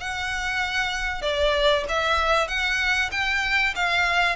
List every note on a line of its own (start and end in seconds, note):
0.00 1.22 F#5
1.22 1.84 D5
1.89 2.48 E5
2.48 3.10 F#5
3.11 3.74 G5
3.75 4.36 F5